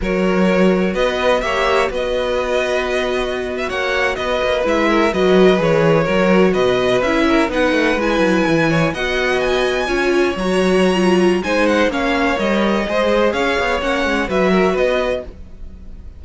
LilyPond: <<
  \new Staff \with { instrumentName = "violin" } { \time 4/4 \tempo 4 = 126 cis''2 dis''4 e''4 | dis''2.~ dis''8 e''16 fis''16~ | fis''8. dis''4 e''4 dis''4 cis''16~ | cis''4.~ cis''16 dis''4 e''4 fis''16~ |
fis''8. gis''2 fis''4 gis''16~ | gis''4.~ gis''16 ais''2~ ais''16 | gis''8 fis''8 f''4 dis''2 | f''4 fis''4 e''4 dis''4 | }
  \new Staff \with { instrumentName = "violin" } { \time 4/4 ais'2 b'4 cis''4 | b'2.~ b'8. cis''16~ | cis''8. b'4. ais'8 b'4~ b'16~ | b'8. ais'4 b'4. ais'8 b'16~ |
b'2~ b'16 cis''8 dis''4~ dis''16~ | dis''8. cis''2.~ cis''16 | c''4 cis''2 c''4 | cis''2 b'8 ais'8 b'4 | }
  \new Staff \with { instrumentName = "viola" } { \time 4/4 fis'2. g'4 | fis'1~ | fis'4.~ fis'16 e'4 fis'4 gis'16~ | gis'8. fis'2 e'4 dis'16~ |
dis'8. e'2 fis'4~ fis'16~ | fis'8. f'4 fis'4~ fis'16 f'4 | dis'4 cis'4 ais'4 gis'4~ | gis'4 cis'4 fis'2 | }
  \new Staff \with { instrumentName = "cello" } { \time 4/4 fis2 b4 ais4 | b2.~ b8. ais16~ | ais8. b8 ais8 gis4 fis4 e16~ | e8. fis4 b,4 cis'4 b16~ |
b16 a8 gis8 fis8 e4 b4~ b16~ | b8. cis'4 fis2~ fis16 | gis4 ais4 g4 gis4 | cis'8 b8 ais8 gis8 fis4 b4 | }
>>